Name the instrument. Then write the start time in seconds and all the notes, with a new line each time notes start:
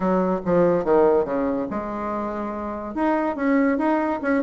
bassoon
0.00 F#3
0.45 F3
0.84 D#3
1.25 C#3
1.70 G#3
2.94 D#4
3.36 C#4
3.77 D#4
4.22 C#4